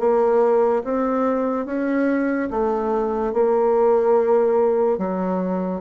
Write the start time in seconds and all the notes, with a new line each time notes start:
0.00 A#3
0.84 C4
1.66 C#4
2.50 A3
3.33 A#3
4.98 F#3